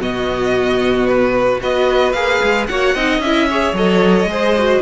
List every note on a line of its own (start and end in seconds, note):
0.00 1.61 B2
0.00 1.60 B3
0.00 1.61 F#4
0.00 1.07 D#5
1.07 1.60 B4
1.60 2.14 B3
1.60 2.14 F#4
1.60 2.68 B4
1.60 2.12 D#5
2.12 2.40 A#3
2.12 2.69 G#4
2.12 2.66 F5
2.42 2.69 G#3
2.67 2.94 A#3
2.67 2.96 F#4
2.67 2.95 C#5
2.67 3.21 F#5
2.94 3.19 C4
2.94 3.23 D#4
2.94 3.48 D#5
3.19 3.72 C#4
3.19 3.75 E5
3.25 3.50 E4
3.49 3.75 G#4
3.49 4.30 C#5
3.73 4.25 F#3
3.73 4.28 A4
3.73 4.81 D#5
4.25 4.78 G#3
4.25 4.56 G#4
4.31 4.81 C5
4.58 4.81 F#4